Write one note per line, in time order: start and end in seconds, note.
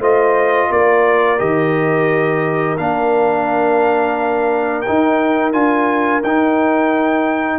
0.00 0.69 A3
0.00 1.39 F4
0.00 0.69 C5
0.00 0.72 D#5
0.70 1.40 A#3
0.70 7.59 A#4
0.70 1.40 D5
1.39 2.79 D#3
1.39 2.77 G4
1.39 2.78 D#5
2.78 4.86 A#3
2.78 4.86 D4
2.78 4.82 F5
4.82 5.53 D#4
4.82 5.51 G5
4.90 5.54 D#4
5.53 6.23 D4
5.53 6.22 F4
5.53 6.22 G#5
6.23 7.59 D#4
6.23 7.59 G5